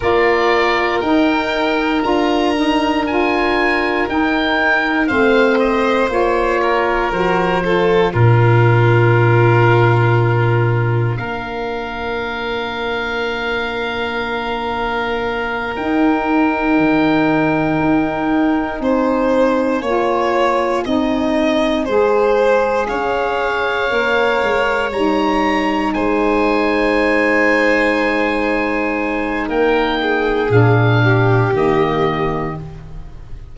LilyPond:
<<
  \new Staff \with { instrumentName = "oboe" } { \time 4/4 \tempo 4 = 59 d''4 g''4 ais''4 gis''4 | g''4 f''8 dis''8 cis''4 c''4 | ais'2. f''4~ | f''2.~ f''8 g''8~ |
g''2~ g''8 gis''4.~ | gis''2~ gis''8 f''4.~ | f''8 ais''4 gis''2~ gis''8~ | gis''4 g''4 f''4 dis''4 | }
  \new Staff \with { instrumentName = "violin" } { \time 4/4 ais'1~ | ais'4 c''4. ais'4 a'8 | f'2. ais'4~ | ais'1~ |
ais'2~ ais'8 c''4 cis''8~ | cis''8 dis''4 c''4 cis''4.~ | cis''4. c''2~ c''8~ | c''4 ais'8 gis'4 g'4. | }
  \new Staff \with { instrumentName = "saxophone" } { \time 4/4 f'4 dis'4 f'8 dis'8 f'4 | dis'4 c'4 f'4 fis'8 f'8 | d'1~ | d'2.~ d'8 dis'8~ |
dis'2.~ dis'8 f'8~ | f'8 dis'4 gis'2 ais'8~ | ais'8 dis'2.~ dis'8~ | dis'2 d'4 ais4 | }
  \new Staff \with { instrumentName = "tuba" } { \time 4/4 ais4 dis'4 d'2 | dis'4 a4 ais4 f4 | ais,2. ais4~ | ais2.~ ais8 dis'8~ |
dis'8 dis4 dis'4 c'4 ais8~ | ais8 c'4 gis4 cis'4 ais8 | gis8 g4 gis2~ gis8~ | gis4 ais4 ais,4 dis4 | }
>>